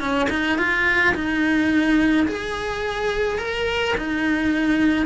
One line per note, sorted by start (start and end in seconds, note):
0.00 0.28 C#4
0.30 0.58 D#4
0.59 1.15 F4
1.15 2.27 D#4
2.28 3.39 G#4
3.39 3.95 A#4
3.98 5.06 D#4